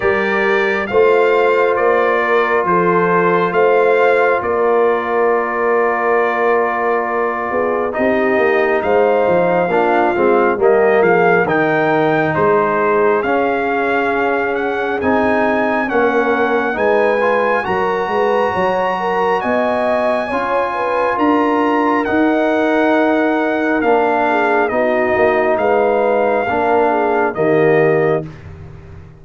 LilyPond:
<<
  \new Staff \with { instrumentName = "trumpet" } { \time 4/4 \tempo 4 = 68 d''4 f''4 d''4 c''4 | f''4 d''2.~ | d''4 dis''4 f''2 | dis''8 f''8 g''4 c''4 f''4~ |
f''8 fis''8 gis''4 fis''4 gis''4 | ais''2 gis''2 | ais''4 fis''2 f''4 | dis''4 f''2 dis''4 | }
  \new Staff \with { instrumentName = "horn" } { \time 4/4 ais'4 c''4. ais'8 a'4 | c''4 ais'2.~ | ais'8 gis'8 g'4 c''4 f'4 | g'8 gis'8 ais'4 gis'2~ |
gis'2 ais'4 b'4 | ais'8 b'8 cis''8 ais'8 dis''4 cis''8 b'8 | ais'2.~ ais'8 gis'8 | fis'4 b'4 ais'8 gis'8 g'4 | }
  \new Staff \with { instrumentName = "trombone" } { \time 4/4 g'4 f'2.~ | f'1~ | f'4 dis'2 d'8 c'8 | ais4 dis'2 cis'4~ |
cis'4 dis'4 cis'4 dis'8 f'8 | fis'2. f'4~ | f'4 dis'2 d'4 | dis'2 d'4 ais4 | }
  \new Staff \with { instrumentName = "tuba" } { \time 4/4 g4 a4 ais4 f4 | a4 ais2.~ | ais8 b8 c'8 ais8 gis8 f8 ais8 gis8 | g8 f8 dis4 gis4 cis'4~ |
cis'4 c'4 ais4 gis4 | fis8 gis8 fis4 b4 cis'4 | d'4 dis'2 ais4 | b8 ais8 gis4 ais4 dis4 | }
>>